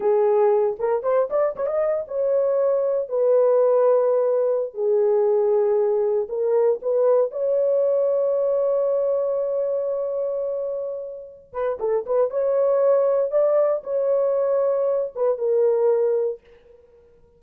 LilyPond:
\new Staff \with { instrumentName = "horn" } { \time 4/4 \tempo 4 = 117 gis'4. ais'8 c''8 d''8 cis''16 dis''8. | cis''2 b'2~ | b'4~ b'16 gis'2~ gis'8.~ | gis'16 ais'4 b'4 cis''4.~ cis''16~ |
cis''1~ | cis''2~ cis''8 b'8 a'8 b'8 | cis''2 d''4 cis''4~ | cis''4. b'8 ais'2 | }